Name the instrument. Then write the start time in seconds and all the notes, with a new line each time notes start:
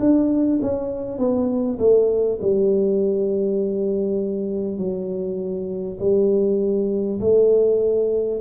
tuba
0.00 D4
0.62 C#4
1.18 B3
1.79 A3
2.42 G3
4.78 F#3
5.99 G3
7.21 A3